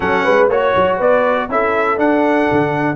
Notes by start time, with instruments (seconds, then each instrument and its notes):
0.00 tuba F#3, trombone C#4, horn A4, trumpet F#5
0.23 tuba G#3, horn B4
0.48 tuba A#3, trombone F#4, horn C#5, trumpet C#5
0.76 tuba F#3
0.96 tuba B3, horn B4, trumpet D5
1.48 tuba C#4, trombone E4, horn A4, trumpet E5
1.97 trombone D4, tuba D4, trumpet F#5
2.51 tuba D3